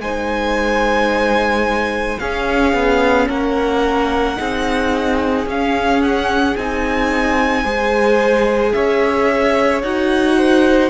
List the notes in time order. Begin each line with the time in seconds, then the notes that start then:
0.00 G#3 D#4 C5 G#5
2.20 C#4 G#4 F5
2.74 B3
3.29 A#3 A#4 F#5
4.37 C4 D#4 G#4
5.46 C#4 F5
6.02 F#5
6.57 C4 D#4 G#5
7.63 G#3 G#4 C5
8.73 C#4 C#5 E5
9.83 D#4 F#4 F#5
10.38 C5